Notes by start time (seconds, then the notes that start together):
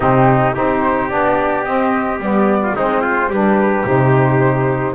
0.00 C3 C4 D#4 G4
0.54 C4 D#4 G4 C5
1.09 B3 D4 D5
1.64 C4 D#5
2.19 G3 B3 D5
2.62 F4
2.75 G#3 C4 D#4 C5
3.01 F4
3.29 G3 D4 G4 B4
3.84 C3 D#4 C5